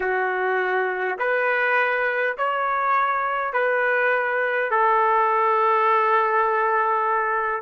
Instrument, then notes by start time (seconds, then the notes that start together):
trumpet
0.00 F#4
1.18 B4
2.37 C#5
3.53 B4
4.71 A4